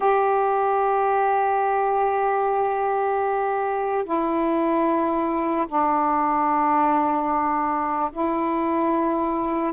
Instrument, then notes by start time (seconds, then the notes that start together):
saxophone
0.00 G4
4.04 E4
5.67 D4
8.12 E4